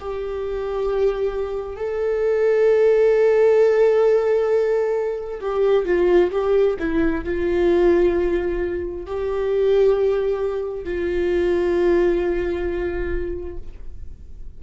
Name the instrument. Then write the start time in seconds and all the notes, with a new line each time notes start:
viola
0.00 G4
1.76 A4
5.40 G4
5.86 F4
6.31 G4
6.79 E4
7.25 F4
9.07 G4
10.85 F4